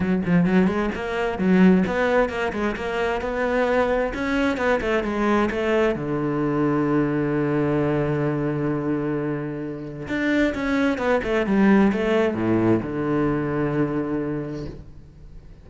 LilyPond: \new Staff \with { instrumentName = "cello" } { \time 4/4 \tempo 4 = 131 fis8 f8 fis8 gis8 ais4 fis4 | b4 ais8 gis8 ais4 b4~ | b4 cis'4 b8 a8 gis4 | a4 d2.~ |
d1~ | d2 d'4 cis'4 | b8 a8 g4 a4 a,4 | d1 | }